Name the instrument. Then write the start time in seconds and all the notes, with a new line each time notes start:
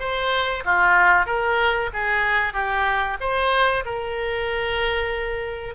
oboe
0.00 C5
0.65 F4
1.26 A#4
1.94 G#4
2.54 G4
3.21 C5
3.86 A#4